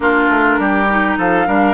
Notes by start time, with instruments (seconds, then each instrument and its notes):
0.00 bassoon A#3, clarinet D4, oboe F4, flute A#4
0.29 bassoon A3
0.58 bassoon G3, oboe G4
0.89 clarinet D#4
1.17 bassoon F3, oboe A4, flute F5
1.46 bassoon G3, clarinet D4, oboe A#4